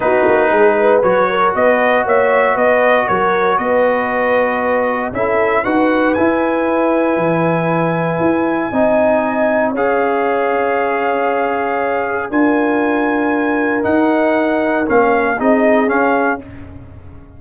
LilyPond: <<
  \new Staff \with { instrumentName = "trumpet" } { \time 4/4 \tempo 4 = 117 b'2 cis''4 dis''4 | e''4 dis''4 cis''4 dis''4~ | dis''2 e''4 fis''4 | gis''1~ |
gis''2. f''4~ | f''1 | gis''2. fis''4~ | fis''4 f''4 dis''4 f''4 | }
  \new Staff \with { instrumentName = "horn" } { \time 4/4 fis'4 gis'8 b'4 ais'8 b'4 | cis''4 b'4 ais'4 b'4~ | b'2 a'4 b'4~ | b'1~ |
b'4 dis''2 cis''4~ | cis''1 | ais'1~ | ais'2 gis'2 | }
  \new Staff \with { instrumentName = "trombone" } { \time 4/4 dis'2 fis'2~ | fis'1~ | fis'2 e'4 fis'4 | e'1~ |
e'4 dis'2 gis'4~ | gis'1 | f'2. dis'4~ | dis'4 cis'4 dis'4 cis'4 | }
  \new Staff \with { instrumentName = "tuba" } { \time 4/4 b8 ais8 gis4 fis4 b4 | ais4 b4 fis4 b4~ | b2 cis'4 dis'4 | e'2 e2 |
e'4 c'2 cis'4~ | cis'1 | d'2. dis'4~ | dis'4 ais4 c'4 cis'4 | }
>>